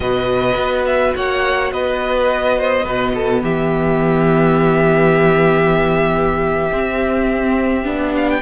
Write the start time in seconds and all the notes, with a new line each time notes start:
0.00 B2 F#4 B4 D#5
0.56 B3
0.86 E5
1.16 A#3 C#5 F#5
1.71 B3 B4 D#5
2.57 C5
2.83 B2 B3 B4
3.14 A4
3.42 E3 G4 E5
6.71 C4
7.84 B3 D4
8.15 F5
8.29 G5